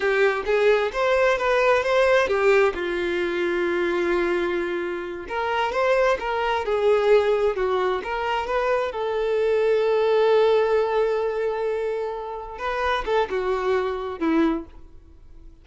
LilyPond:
\new Staff \with { instrumentName = "violin" } { \time 4/4 \tempo 4 = 131 g'4 gis'4 c''4 b'4 | c''4 g'4 f'2~ | f'2.~ f'8 ais'8~ | ais'8 c''4 ais'4 gis'4.~ |
gis'8 fis'4 ais'4 b'4 a'8~ | a'1~ | a'2.~ a'8 b'8~ | b'8 a'8 fis'2 e'4 | }